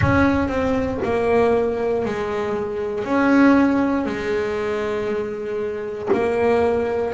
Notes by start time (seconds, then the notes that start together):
0.01 C#4
0.48 C4
1.03 A#3
2.05 G#3
3.04 C#4
4.05 G#3
6.13 A#3